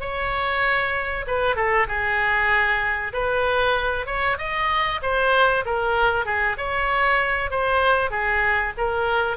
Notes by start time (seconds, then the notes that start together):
0.00 C#5
1.27 B4
1.55 A4
1.88 G#4
3.12 B4
4.06 C#5
4.38 D#5
5.02 C5
5.65 A#4
6.25 G#4
6.57 C#5
7.50 C5
8.10 G#4
8.77 A#4